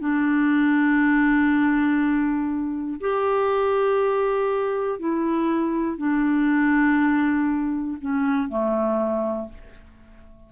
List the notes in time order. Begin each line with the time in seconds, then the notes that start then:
0.00 D4
3.00 G4
4.99 E4
5.97 D4
8.01 C#4
8.49 A3